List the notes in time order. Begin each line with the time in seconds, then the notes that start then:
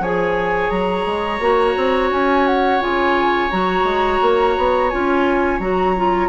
0.00 F3 G#4 C#5 G#5
0.70 F#3 A#5
1.06 G#3
1.40 A#3 F#4
1.77 C4
2.11 C#4 G#5
2.47 F#5
2.80 C#3 F4 G#5
3.51 F#3 F#4 A#5
3.84 G#3
4.22 A#3
4.57 B3
4.90 C#4 F4 G#5
5.59 F#3 F#4 A#5
5.97 F4